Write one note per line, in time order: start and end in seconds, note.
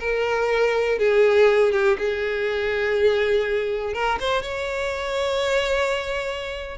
0.00 0.98 A#4
0.98 1.72 G#4
1.72 1.97 G4
1.98 3.94 G#4
3.94 4.19 A#4
4.20 4.42 C5
4.42 6.78 C#5